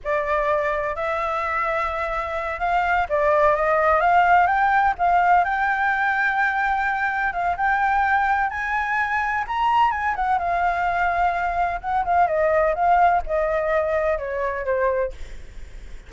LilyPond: \new Staff \with { instrumentName = "flute" } { \time 4/4 \tempo 4 = 127 d''2 e''2~ | e''4. f''4 d''4 dis''8~ | dis''8 f''4 g''4 f''4 g''8~ | g''2.~ g''8 f''8 |
g''2 gis''2 | ais''4 gis''8 fis''8 f''2~ | f''4 fis''8 f''8 dis''4 f''4 | dis''2 cis''4 c''4 | }